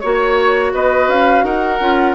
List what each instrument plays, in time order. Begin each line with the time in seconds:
0.00 bassoon A#3, clarinet F#4, flute C#5, oboe C#5
0.73 bassoon B3, oboe B4, flute D#5
1.08 bassoon C#4, flute F5
1.44 bassoon D#4, oboe A#4, flute F#5
1.80 bassoon C#4, clarinet F4